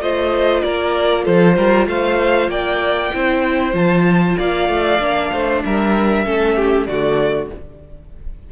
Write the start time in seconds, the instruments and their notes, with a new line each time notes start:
0.00 cello A3, viola F4, violin C5 D#5
0.62 cello A#3, violin A#4 D5
1.24 cello F3, violin A4 C5
1.56 cello G3, violin A#4
1.87 cello A3, violin C5 F5
2.48 cello A#3, violin D5 G5
3.14 cello C4, viola E4, violin C5
3.73 cello F3, viola F4, violin A5
4.38 cello A#3, violin D5 F5
4.69 cello A3
4.99 cello A#3, viola D4
5.32 cello A3, violin C5
5.64 cello G3, violin A#4 E5
6.25 cello A3, viola C#4, violin A4
6.56 violin G4
6.86 cello D3, viola A3, violin F#4 D5